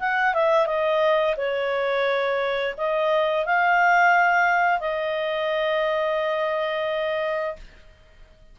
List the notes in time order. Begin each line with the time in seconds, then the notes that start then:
0.00 F#5
0.34 E5
0.67 D#5
1.37 C#5
2.77 D#5
3.46 F5
4.80 D#5